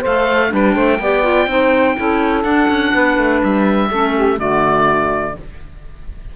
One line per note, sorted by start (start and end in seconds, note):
0.00 0.49 A4
0.00 0.48 C5
0.00 0.53 F5
0.07 0.53 A3
0.49 0.75 G3
0.49 0.98 D4
0.49 0.75 B4
0.55 2.44 G5
0.75 0.99 A3
0.75 0.99 C5
0.99 1.47 B3
0.99 1.23 G4
0.99 1.50 D5
1.23 1.48 F4
1.47 1.95 C4
1.47 1.96 D#4
1.47 1.98 C5
1.97 2.44 C#4
1.97 2.43 E4
1.97 2.93 A4
2.43 3.89 D4
2.43 2.68 D4
2.43 3.40 F#5
2.69 2.93 C#4
2.93 3.18 B3
2.93 3.90 B4
3.18 3.42 A3
3.44 3.90 G3
3.44 4.40 E5
3.90 4.39 A3
3.90 4.38 C#4
3.90 4.15 A4
4.15 4.39 G4
4.38 5.36 D3
4.38 5.35 A3
4.38 5.36 F#4
4.38 5.36 D5